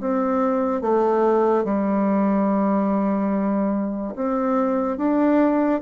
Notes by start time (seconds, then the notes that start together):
0.00 C4
0.81 A3
1.64 G3
4.15 C4
4.97 D4